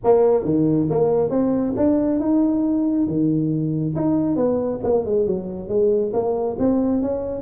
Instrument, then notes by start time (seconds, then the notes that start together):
tuba
0.04 A#3
0.44 D#3
0.89 A#3
1.30 C4
1.76 D4
2.19 D#4
3.07 D#3
3.95 D#4
4.36 B3
4.83 A#3
5.05 G#3
5.26 F#3
5.68 G#3
6.13 A#3
6.58 C4
7.02 C#4